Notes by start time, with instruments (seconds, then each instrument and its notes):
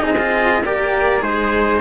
0.00 cello C4 D#4, flute G#4, trumpet D#5
0.18 cello F4
0.64 cello A#3 G4, flute A#4, trumpet D5
1.20 cello G#3 G#4, flute D#4, trumpet C5